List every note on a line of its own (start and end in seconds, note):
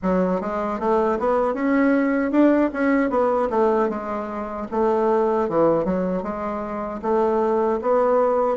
0.02 0.40 F#3
0.40 0.79 G#3
0.79 1.18 A3
1.19 1.54 B3
1.54 2.31 C#4
2.31 2.70 D4
2.73 3.10 C#4
3.10 3.49 B3
3.50 3.89 A3
3.89 4.67 G#3
4.71 5.48 A3
5.48 5.84 E3
5.84 6.23 F#3
6.23 7.01 G#3
7.02 7.80 A3
7.81 8.57 B3